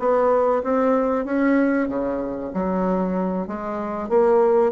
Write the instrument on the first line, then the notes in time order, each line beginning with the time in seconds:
bassoon
0.00 B3
0.64 C4
1.25 C#4
1.89 C#3
2.54 F#3
3.48 G#3
4.10 A#3